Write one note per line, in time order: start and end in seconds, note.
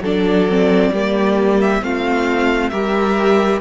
0.00 0.90 F#3
0.00 0.49 D4
0.00 0.92 A4
0.00 1.61 D5
0.49 0.94 C4
0.92 1.81 G3
0.92 1.82 A#3
0.92 1.82 G4
1.61 1.83 E5
1.82 2.71 A3
1.82 2.72 C4
1.82 2.71 F4
1.82 2.69 F5
2.69 3.61 G3
2.69 3.61 G4
2.69 3.61 A#4
2.69 3.59 E5